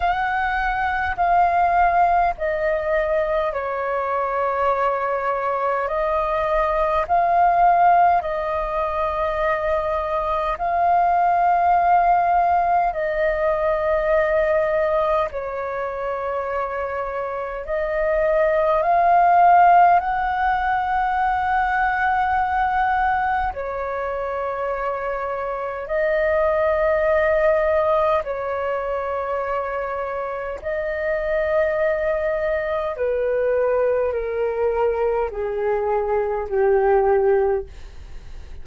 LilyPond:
\new Staff \with { instrumentName = "flute" } { \time 4/4 \tempo 4 = 51 fis''4 f''4 dis''4 cis''4~ | cis''4 dis''4 f''4 dis''4~ | dis''4 f''2 dis''4~ | dis''4 cis''2 dis''4 |
f''4 fis''2. | cis''2 dis''2 | cis''2 dis''2 | b'4 ais'4 gis'4 g'4 | }